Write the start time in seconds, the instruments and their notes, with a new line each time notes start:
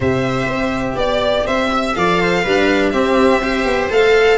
0.00 tuba C3, cello G4, viola C5, violin E5
0.47 tuba C4
0.95 tuba B3, viola D5, violin D5
1.46 tuba C4, viola C5, violin E5
1.73 viola E5
1.94 tuba F3, cello A4, viola D5, violin F5
2.20 viola C5
2.42 tuba G3, cello D4, viola B4
2.90 tuba C4, cello C4, viola G4, violin E5
3.41 cello G4, viola C5
3.65 tuba B3
3.89 tuba A3, cello A4, violin F5